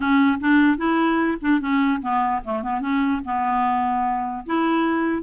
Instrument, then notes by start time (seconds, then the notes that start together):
clarinet
0.00 C#4
0.40 D4
0.77 E4
1.41 D4
1.61 C#4
2.01 B3
2.44 A3
2.62 B3
2.81 C#4
3.24 B3
4.46 E4